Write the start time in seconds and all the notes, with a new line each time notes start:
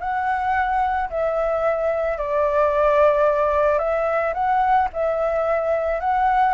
0.00 F#5
1.10 E5
2.17 D5
3.78 E5
4.34 F#5
4.93 E5
6.00 F#5